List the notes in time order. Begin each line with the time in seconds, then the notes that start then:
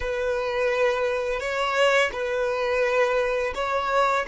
0.00 B4
1.40 C#5
2.12 B4
3.55 C#5